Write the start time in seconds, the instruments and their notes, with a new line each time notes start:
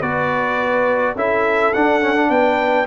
0.00 tuba B3, trombone F#4, horn B4, trumpet D5
1.15 tuba C#4, trombone E4, horn A4, trumpet E5
1.74 tuba D4, trombone D4, trumpet F#5
2.01 trombone C#4
2.15 trombone D4
2.30 tuba B3, horn B4, trumpet G5